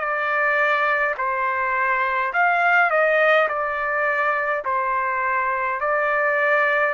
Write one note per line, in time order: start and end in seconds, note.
0.00 1.15 D5
1.18 2.33 C5
2.34 2.91 F5
2.91 3.49 D#5
3.49 4.64 D5
4.65 5.81 C5
5.81 6.94 D5